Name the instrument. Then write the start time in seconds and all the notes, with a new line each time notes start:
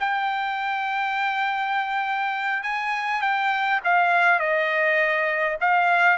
trumpet
0.00 G5
2.63 G#5
3.21 G5
3.84 F5
4.40 D#5
5.61 F5